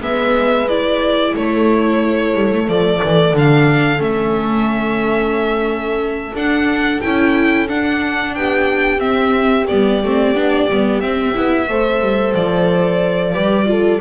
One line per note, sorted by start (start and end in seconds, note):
0.00 1.35 G#3
0.00 0.67 B3
0.00 1.34 B4
0.00 0.68 E5
0.68 2.67 E4
0.68 1.35 D5
1.36 2.35 A3
1.36 8.37 A4
1.36 2.69 C#5
2.35 2.51 G3
2.52 2.67 A3
2.67 3.01 F3
2.67 3.33 A3
2.67 3.36 D5
3.04 3.33 E3
3.33 4.00 D3
3.33 3.98 D4
3.33 4.02 F5
3.98 6.33 A3
3.98 6.32 C#4
3.98 6.35 E5
6.34 7.01 D4
6.34 7.02 D4
6.34 7.01 F#5
7.01 7.70 C#4
7.01 7.68 E4
7.01 7.68 G5
7.68 8.98 D4
7.68 8.36 D4
7.68 8.35 F#5
8.35 9.00 B3
8.35 11.69 G4
8.35 9.00 G5
8.98 9.65 C4
8.98 9.66 C4
8.98 9.67 E5
9.68 10.04 G3
9.68 10.03 B3
9.68 11.00 D5
10.04 10.34 A3
10.04 10.35 C4
10.34 10.68 B3
10.34 10.69 D4
10.70 11.01 G3
10.70 11.03 B3
11.00 11.35 C4
11.00 11.34 C4
11.00 12.34 E5
11.34 11.69 B3
11.34 11.68 E4
11.69 12.01 A3
11.69 13.34 A4
11.69 13.34 C5
12.01 12.34 G3
12.35 13.35 F3
12.35 14.01 D5
13.34 14.01 G3
13.34 13.66 G4
13.34 13.67 B4
13.66 14.00 F4
13.66 14.01 A4